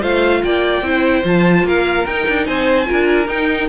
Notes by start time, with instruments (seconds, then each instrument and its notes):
0.00 cello A3, viola F4, violin C5 F5
0.43 cello A#3, violin D5 G5
0.82 cello C4, viola E4, violin C5
1.24 cello F3, viola F4, violin A5
1.64 cello A#3, violin A#4 F5
2.06 cello D#4, viola D#4, violin G5
2.28 cello D4
2.46 cello C4, violin C5 G#5
2.85 cello D4, viola F4, violin A#4
3.28 cello D#4, viola D#4, violin G5